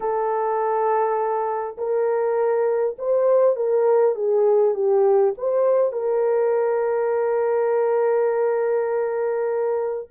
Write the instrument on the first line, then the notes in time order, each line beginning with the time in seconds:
horn
0.00 A4
1.77 A#4
2.98 C5
3.55 A#4
4.15 G#4
4.74 G4
5.37 C5
5.92 A#4